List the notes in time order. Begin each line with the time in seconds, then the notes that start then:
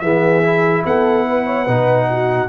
0.00 E3 B3 G#4 E5
0.43 E4
0.85 B3 A4 F#5
1.28 B4
1.46 C#5
1.64 B2 D#4 B4
2.10 F#4